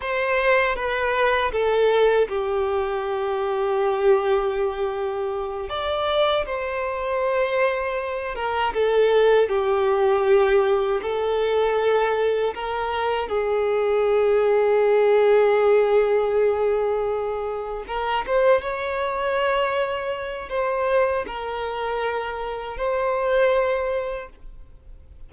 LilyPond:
\new Staff \with { instrumentName = "violin" } { \time 4/4 \tempo 4 = 79 c''4 b'4 a'4 g'4~ | g'2.~ g'8 d''8~ | d''8 c''2~ c''8 ais'8 a'8~ | a'8 g'2 a'4.~ |
a'8 ais'4 gis'2~ gis'8~ | gis'2.~ gis'8 ais'8 | c''8 cis''2~ cis''8 c''4 | ais'2 c''2 | }